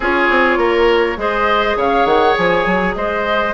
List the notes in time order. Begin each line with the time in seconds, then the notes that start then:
0.00 C#4 F4 G#4 C#5
0.30 C4
0.57 A#3 A#4
1.17 G#3 G#4 C5 D#5
1.76 C#3 C#5 F5
2.05 D#3 F#5
2.35 F3 G#5
2.65 F#3
2.95 G#3 C5 D#5